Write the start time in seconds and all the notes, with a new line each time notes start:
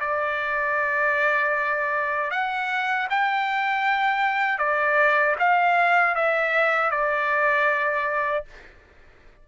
0.00 D5
2.31 F#5
3.10 G5
4.59 D5
5.40 F5
6.15 E5
6.91 D5